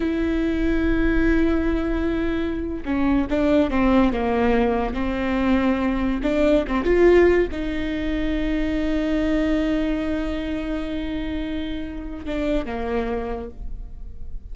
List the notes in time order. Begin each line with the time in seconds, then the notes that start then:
0.00 E4
2.85 C#4
3.30 D4
3.70 C4
4.13 A#3
4.94 C4
6.22 D4
6.67 C4
6.84 F4
7.51 D#4
12.25 D4
12.65 A#3